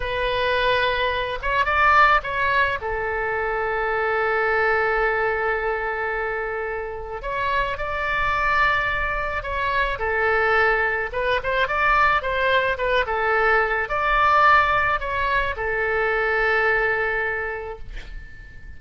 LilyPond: \new Staff \with { instrumentName = "oboe" } { \time 4/4 \tempo 4 = 108 b'2~ b'8 cis''8 d''4 | cis''4 a'2.~ | a'1~ | a'4 cis''4 d''2~ |
d''4 cis''4 a'2 | b'8 c''8 d''4 c''4 b'8 a'8~ | a'4 d''2 cis''4 | a'1 | }